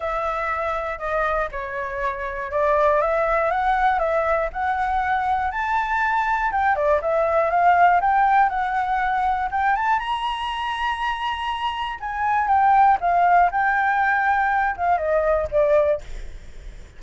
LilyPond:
\new Staff \with { instrumentName = "flute" } { \time 4/4 \tempo 4 = 120 e''2 dis''4 cis''4~ | cis''4 d''4 e''4 fis''4 | e''4 fis''2 a''4~ | a''4 g''8 d''8 e''4 f''4 |
g''4 fis''2 g''8 a''8 | ais''1 | gis''4 g''4 f''4 g''4~ | g''4. f''8 dis''4 d''4 | }